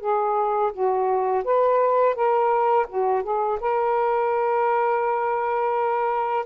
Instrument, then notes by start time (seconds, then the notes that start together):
saxophone
0.00 G#4
0.72 F#4
1.44 B4
2.15 A#4
2.89 F#4
3.23 G#4
3.60 A#4